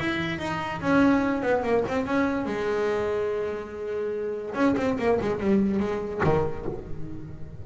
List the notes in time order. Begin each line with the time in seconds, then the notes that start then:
0.00 E4
0.39 D#4
0.82 C#4
1.43 B3
1.64 A#3
1.88 C4
2.07 C#4
2.46 G#3
4.55 C#4
4.77 C4
4.99 A#3
5.21 G#3
5.40 G3
5.80 G#3
6.24 D#3